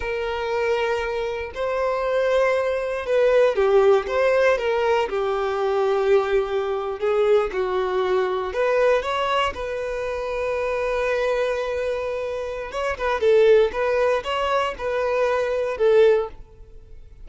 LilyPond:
\new Staff \with { instrumentName = "violin" } { \time 4/4 \tempo 4 = 118 ais'2. c''4~ | c''2 b'4 g'4 | c''4 ais'4 g'2~ | g'4.~ g'16 gis'4 fis'4~ fis'16~ |
fis'8. b'4 cis''4 b'4~ b'16~ | b'1~ | b'4 cis''8 b'8 a'4 b'4 | cis''4 b'2 a'4 | }